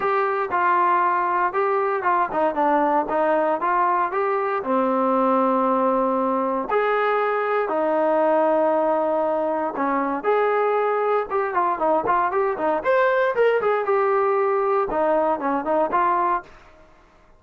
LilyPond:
\new Staff \with { instrumentName = "trombone" } { \time 4/4 \tempo 4 = 117 g'4 f'2 g'4 | f'8 dis'8 d'4 dis'4 f'4 | g'4 c'2.~ | c'4 gis'2 dis'4~ |
dis'2. cis'4 | gis'2 g'8 f'8 dis'8 f'8 | g'8 dis'8 c''4 ais'8 gis'8 g'4~ | g'4 dis'4 cis'8 dis'8 f'4 | }